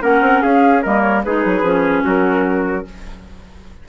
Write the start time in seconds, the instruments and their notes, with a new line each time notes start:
0.00 bassoon A#3, clarinet C#4, trumpet A#4, flute F#5
0.21 bassoon C4
0.42 bassoon C#4, trumpet G#4, flute F5
0.82 bassoon G3, clarinet A#3, trumpet A#4, flute D#5
1.01 flute C#5
1.23 bassoon G#3, clarinet D#4, trumpet G#4, flute B4
1.44 bassoon F#3
1.62 bassoon F3, clarinet C#4
2.04 bassoon F#3, trumpet F#4, flute A#4